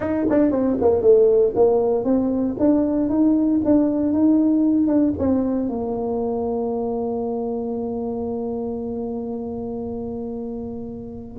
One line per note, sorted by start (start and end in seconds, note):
0.00 0.26 D#4
0.30 0.51 D4
0.51 0.77 C4
0.81 1.01 A#3
1.01 1.53 A3
1.55 2.04 A#3
2.04 2.56 C4
2.59 3.09 D4
3.09 3.61 D#4
3.64 4.12 D4
4.12 4.87 D#4
4.87 5.13 D4
5.18 5.68 C4
5.68 11.37 A#3